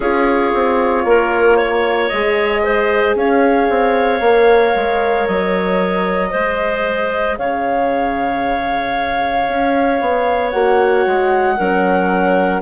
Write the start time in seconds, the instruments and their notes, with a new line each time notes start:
0.00 bassoon C#4, horn F4, clarinet G#4, flute C#5
0.54 bassoon C4
1.04 bassoon A#3, clarinet A#4
1.57 clarinet C#5
2.08 bassoon G#3, horn G#4, flute D#5
2.63 clarinet C5
3.15 bassoon C#4, clarinet C#5, flute F5
3.69 bassoon C4
4.20 bassoon A#3, horn A#4
4.75 bassoon G#3
5.27 bassoon F#3, flute D#5
6.30 bassoon G#3, horn G#4, clarinet C5
7.38 bassoon C#3, clarinet C#5, flute F5
9.48 bassoon C#4
10.00 bassoon B3
10.50 bassoon A#3, horn F#4, flute F#5
11.06 bassoon G#3
11.57 bassoon F#3, horn C#4, clarinet A#4